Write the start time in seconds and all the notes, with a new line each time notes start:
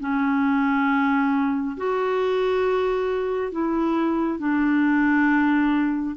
0.00 C#4
1.77 F#4
3.52 E4
4.39 D4